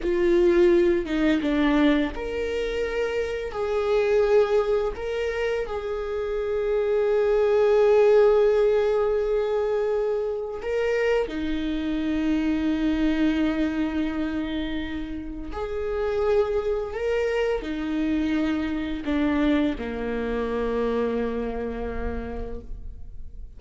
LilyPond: \new Staff \with { instrumentName = "viola" } { \time 4/4 \tempo 4 = 85 f'4. dis'8 d'4 ais'4~ | ais'4 gis'2 ais'4 | gis'1~ | gis'2. ais'4 |
dis'1~ | dis'2 gis'2 | ais'4 dis'2 d'4 | ais1 | }